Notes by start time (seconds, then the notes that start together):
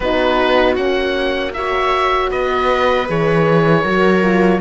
0.00 B3 D#4 F#4 B4
0.75 A#3 C#4 F#5
1.53 F#4 C#5 E5
2.29 B3 B4 D#5
3.07 E3 G#4 C#5
3.83 F#3 F#4 A#4
4.22 F4